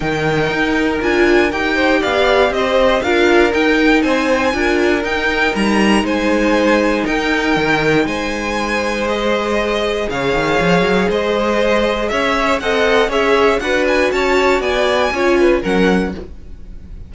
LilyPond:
<<
  \new Staff \with { instrumentName = "violin" } { \time 4/4 \tempo 4 = 119 g''2 gis''4 g''4 | f''4 dis''4 f''4 g''4 | gis''2 g''4 ais''4 | gis''2 g''2 |
gis''2 dis''2 | f''2 dis''2 | e''4 fis''4 e''4 fis''8 gis''8 | a''4 gis''2 fis''4 | }
  \new Staff \with { instrumentName = "violin" } { \time 4/4 ais'2.~ ais'8 c''8 | d''4 c''4 ais'2 | c''4 ais'2. | c''2 ais'2 |
c''1 | cis''2 c''2 | cis''4 dis''4 cis''4 b'4 | cis''4 d''4 cis''8 b'8 ais'4 | }
  \new Staff \with { instrumentName = "viola" } { \time 4/4 dis'2 f'4 g'4~ | g'2 f'4 dis'4~ | dis'4 f'4 dis'2~ | dis'1~ |
dis'2 gis'2~ | gis'1~ | gis'4 a'4 gis'4 fis'4~ | fis'2 f'4 cis'4 | }
  \new Staff \with { instrumentName = "cello" } { \time 4/4 dis4 dis'4 d'4 dis'4 | b4 c'4 d'4 dis'4 | c'4 d'4 dis'4 g4 | gis2 dis'4 dis4 |
gis1 | cis8 dis8 f8 fis8 gis2 | cis'4 c'4 cis'4 d'4 | cis'4 b4 cis'4 fis4 | }
>>